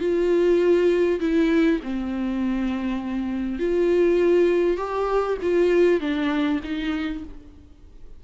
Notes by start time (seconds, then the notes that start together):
0.00 F4
1.20 E4
1.84 C4
3.59 F4
4.78 G4
5.42 F4
6.01 D4
6.64 D#4